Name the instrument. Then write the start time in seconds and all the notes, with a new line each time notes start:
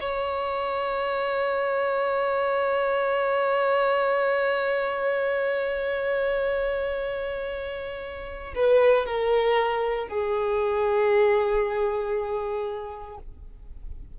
violin
0.00 C#5
8.55 B4
9.05 A#4
10.08 G#4